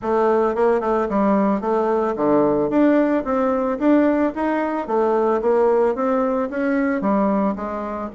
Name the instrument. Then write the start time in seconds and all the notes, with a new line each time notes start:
bassoon
0.01 A3
0.55 A#3
0.80 A3
1.09 G3
1.60 A3
2.15 D3
2.70 D4
3.24 C4
3.78 D4
4.35 D#4
4.87 A3
5.41 A#3
5.95 C4
6.50 C#4
7.01 G3
7.55 G#3